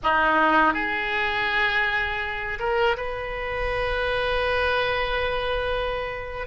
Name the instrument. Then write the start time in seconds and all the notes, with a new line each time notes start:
oboe
0.03 D#4
0.73 G#4
2.59 A#4
2.96 B4